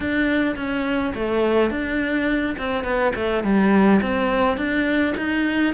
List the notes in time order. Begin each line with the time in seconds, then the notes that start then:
0.00 D4
0.56 C#4
1.14 A3
1.70 D4
2.58 C4
2.84 B3
3.15 A3
3.43 G3
4.01 C4
4.57 D4
5.17 D#4